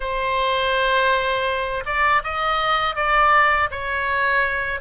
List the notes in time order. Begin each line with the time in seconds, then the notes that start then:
0.00 C5
1.85 D5
2.23 D#5
2.95 D5
3.70 C#5